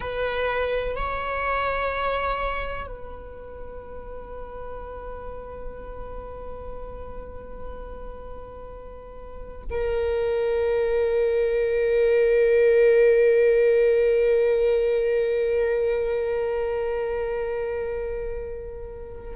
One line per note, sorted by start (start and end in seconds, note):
0.00 0.95 B4
0.95 2.87 C#5
2.87 9.64 B4
9.70 19.36 A#4